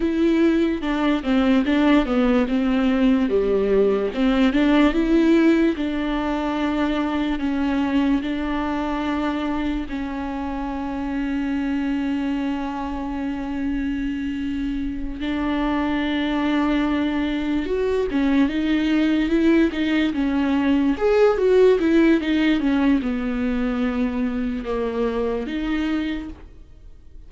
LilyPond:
\new Staff \with { instrumentName = "viola" } { \time 4/4 \tempo 4 = 73 e'4 d'8 c'8 d'8 b8 c'4 | g4 c'8 d'8 e'4 d'4~ | d'4 cis'4 d'2 | cis'1~ |
cis'2~ cis'8 d'4.~ | d'4. fis'8 cis'8 dis'4 e'8 | dis'8 cis'4 gis'8 fis'8 e'8 dis'8 cis'8 | b2 ais4 dis'4 | }